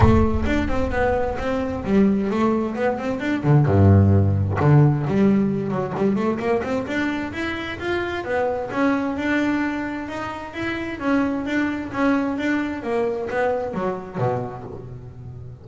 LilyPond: \new Staff \with { instrumentName = "double bass" } { \time 4/4 \tempo 4 = 131 a4 d'8 c'8 b4 c'4 | g4 a4 b8 c'8 d'8 d8 | g,2 d4 g4~ | g8 fis8 g8 a8 ais8 c'8 d'4 |
e'4 f'4 b4 cis'4 | d'2 dis'4 e'4 | cis'4 d'4 cis'4 d'4 | ais4 b4 fis4 b,4 | }